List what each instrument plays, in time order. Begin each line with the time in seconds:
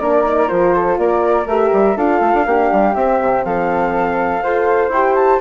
0.00 bassoon A#3, horn D4, flute A#4 D5
0.24 horn D#4
0.48 bassoon F3, horn F4, flute C5
0.75 flute A4
0.99 bassoon A#3, flute A#4 D5
1.46 bassoon A3, horn G4, flute E5
1.73 bassoon G3
1.97 bassoon D4, horn F4, flute A4 F5
2.21 bassoon A3
2.35 bassoon D4
2.47 bassoon A#3, horn D4, flute G4
2.72 bassoon G3
2.95 horn C4, bassoon C4, flute E5
3.22 bassoon C3
3.45 bassoon F3, flute A4 F5
4.43 bassoon F4, horn A4, flute C5
4.90 bassoon E4, horn G4, flute G5
5.16 flute A5